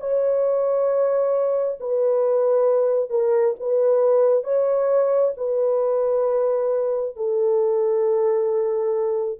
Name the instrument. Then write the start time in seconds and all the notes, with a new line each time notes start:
horn
0.00 C#5
1.81 B4
3.10 A#4
3.60 B4
4.44 C#5
5.37 B4
7.16 A4